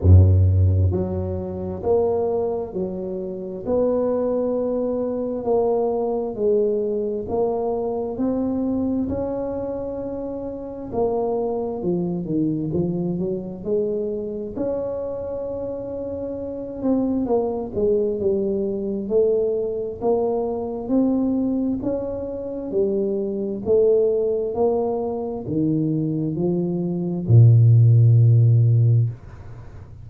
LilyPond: \new Staff \with { instrumentName = "tuba" } { \time 4/4 \tempo 4 = 66 fis,4 fis4 ais4 fis4 | b2 ais4 gis4 | ais4 c'4 cis'2 | ais4 f8 dis8 f8 fis8 gis4 |
cis'2~ cis'8 c'8 ais8 gis8 | g4 a4 ais4 c'4 | cis'4 g4 a4 ais4 | dis4 f4 ais,2 | }